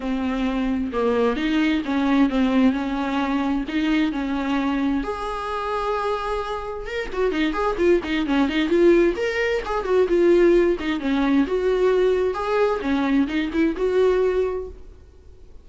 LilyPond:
\new Staff \with { instrumentName = "viola" } { \time 4/4 \tempo 4 = 131 c'2 ais4 dis'4 | cis'4 c'4 cis'2 | dis'4 cis'2 gis'4~ | gis'2. ais'8 fis'8 |
dis'8 gis'8 f'8 dis'8 cis'8 dis'8 f'4 | ais'4 gis'8 fis'8 f'4. dis'8 | cis'4 fis'2 gis'4 | cis'4 dis'8 e'8 fis'2 | }